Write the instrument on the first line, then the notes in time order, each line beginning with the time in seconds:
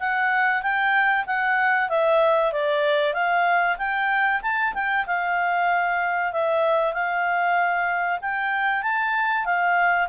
clarinet
0.00 F#5
0.63 G5
1.27 F#5
1.89 E5
2.53 D5
3.14 F5
3.78 G5
4.42 A5
4.74 G5
5.07 F5
6.32 E5
6.93 F5
8.21 G5
8.82 A5
9.46 F5